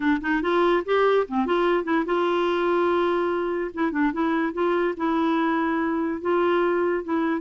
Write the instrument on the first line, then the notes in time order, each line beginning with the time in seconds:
clarinet
0.00 D4
0.21 D#4
0.42 F4
0.85 G4
1.28 C4
1.46 F4
1.84 E4
2.05 F4
3.74 E4
3.91 D4
4.12 E4
4.53 F4
4.97 E4
6.21 F4
7.04 E4